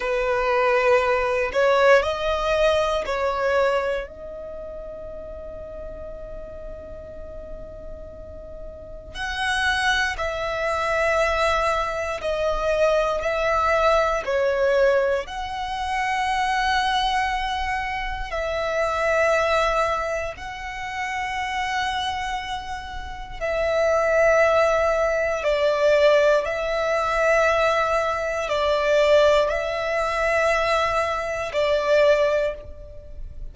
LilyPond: \new Staff \with { instrumentName = "violin" } { \time 4/4 \tempo 4 = 59 b'4. cis''8 dis''4 cis''4 | dis''1~ | dis''4 fis''4 e''2 | dis''4 e''4 cis''4 fis''4~ |
fis''2 e''2 | fis''2. e''4~ | e''4 d''4 e''2 | d''4 e''2 d''4 | }